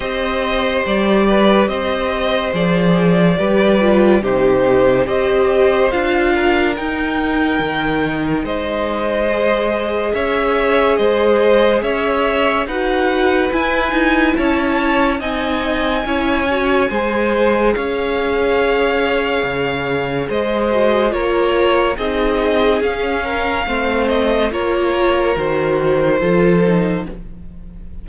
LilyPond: <<
  \new Staff \with { instrumentName = "violin" } { \time 4/4 \tempo 4 = 71 dis''4 d''4 dis''4 d''4~ | d''4 c''4 dis''4 f''4 | g''2 dis''2 | e''4 dis''4 e''4 fis''4 |
gis''4 a''4 gis''2~ | gis''4 f''2. | dis''4 cis''4 dis''4 f''4~ | f''8 dis''8 cis''4 c''2 | }
  \new Staff \with { instrumentName = "violin" } { \time 4/4 c''4. b'8 c''2 | b'4 g'4 c''4. ais'8~ | ais'2 c''2 | cis''4 c''4 cis''4 b'4~ |
b'4 cis''4 dis''4 cis''4 | c''4 cis''2. | c''4 ais'4 gis'4. ais'8 | c''4 ais'2 a'4 | }
  \new Staff \with { instrumentName = "viola" } { \time 4/4 g'2. gis'4 | g'8 f'8 dis'4 g'4 f'4 | dis'2. gis'4~ | gis'2. fis'4 |
e'2 dis'4 e'8 fis'8 | gis'1~ | gis'8 fis'8 f'4 dis'4 cis'4 | c'4 f'4 fis'4 f'8 dis'8 | }
  \new Staff \with { instrumentName = "cello" } { \time 4/4 c'4 g4 c'4 f4 | g4 c4 c'4 d'4 | dis'4 dis4 gis2 | cis'4 gis4 cis'4 dis'4 |
e'8 dis'8 cis'4 c'4 cis'4 | gis4 cis'2 cis4 | gis4 ais4 c'4 cis'4 | a4 ais4 dis4 f4 | }
>>